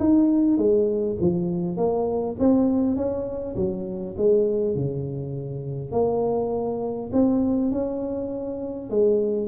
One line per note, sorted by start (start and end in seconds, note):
0.00 0.58 D#4
0.58 1.17 G#3
1.21 1.77 F3
1.77 2.37 A#3
2.40 2.97 C4
2.97 3.56 C#4
3.56 4.16 F#3
4.18 4.76 G#3
4.76 5.92 C#3
5.92 7.11 A#3
7.13 7.72 C4
7.72 8.91 C#4
8.91 9.48 G#3